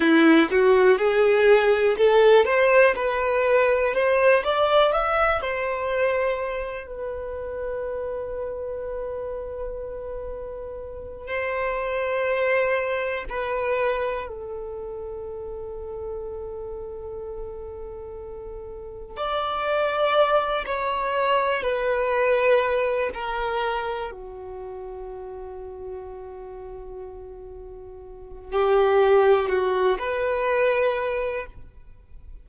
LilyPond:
\new Staff \with { instrumentName = "violin" } { \time 4/4 \tempo 4 = 61 e'8 fis'8 gis'4 a'8 c''8 b'4 | c''8 d''8 e''8 c''4. b'4~ | b'2.~ b'8 c''8~ | c''4. b'4 a'4.~ |
a'2.~ a'8 d''8~ | d''4 cis''4 b'4. ais'8~ | ais'8 fis'2.~ fis'8~ | fis'4 g'4 fis'8 b'4. | }